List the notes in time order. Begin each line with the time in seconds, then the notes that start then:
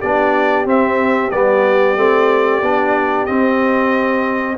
0.00 B3 D4 G4 D5
0.66 C4 E5
1.31 G3 B3 D5
1.97 A3 C4
2.62 B3 D4
3.26 C4 D#5